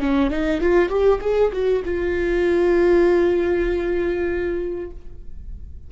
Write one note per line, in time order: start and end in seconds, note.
0.00 0.30 C#4
0.30 0.61 D#4
0.61 0.89 F4
0.89 1.20 G4
1.21 1.51 G#4
1.52 1.83 F#4
1.85 4.91 F4